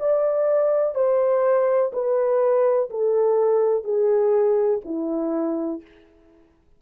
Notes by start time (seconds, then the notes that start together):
0.00 D5
0.95 C5
1.93 B4
2.90 A4
3.84 G#4
4.85 E4